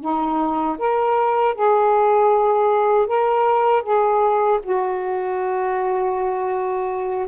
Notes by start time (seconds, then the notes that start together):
0.00 D#4
0.78 A#4
1.55 G#4
3.06 A#4
3.82 G#4
4.63 F#4